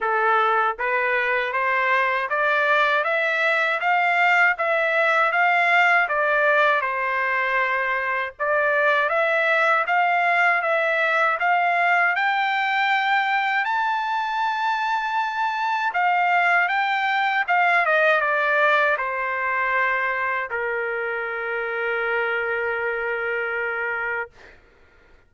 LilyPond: \new Staff \with { instrumentName = "trumpet" } { \time 4/4 \tempo 4 = 79 a'4 b'4 c''4 d''4 | e''4 f''4 e''4 f''4 | d''4 c''2 d''4 | e''4 f''4 e''4 f''4 |
g''2 a''2~ | a''4 f''4 g''4 f''8 dis''8 | d''4 c''2 ais'4~ | ais'1 | }